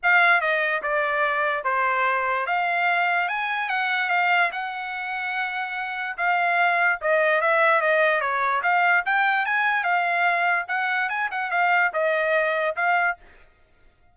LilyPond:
\new Staff \with { instrumentName = "trumpet" } { \time 4/4 \tempo 4 = 146 f''4 dis''4 d''2 | c''2 f''2 | gis''4 fis''4 f''4 fis''4~ | fis''2. f''4~ |
f''4 dis''4 e''4 dis''4 | cis''4 f''4 g''4 gis''4 | f''2 fis''4 gis''8 fis''8 | f''4 dis''2 f''4 | }